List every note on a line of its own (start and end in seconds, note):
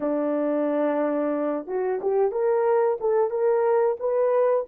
0.00 1.66 D4
1.66 2.00 F#4
2.01 2.31 G4
2.31 2.98 A#4
3.00 3.30 A4
3.30 3.97 A#4
3.99 4.66 B4